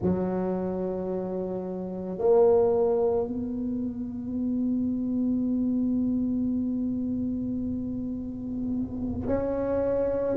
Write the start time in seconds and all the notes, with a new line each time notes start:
0.01 F#3
2.18 A#3
3.27 B3
9.27 C#4